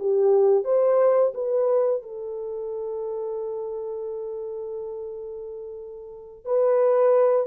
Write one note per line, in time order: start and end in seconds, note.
0.00 0.65 G4
0.65 1.33 C5
1.35 2.03 B4
2.03 6.46 A4
6.46 7.47 B4